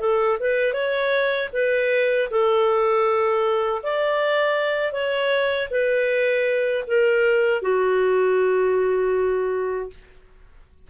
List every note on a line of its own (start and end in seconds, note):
0.00 0.38 A4
0.39 0.73 B4
0.73 1.49 C#5
1.53 2.29 B4
2.30 3.82 A4
3.83 4.93 D5
4.93 5.69 C#5
5.71 6.85 B4
6.87 7.62 A#4
7.62 9.90 F#4